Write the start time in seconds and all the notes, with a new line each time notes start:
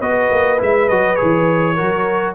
0.00 B3 F#4 B4 D#5
0.31 A#3
0.58 G#3 E4 E5
0.88 F#3 F#4 D#5
1.15 G#4 C#5
1.22 E3
1.75 F#3 F#4 A#4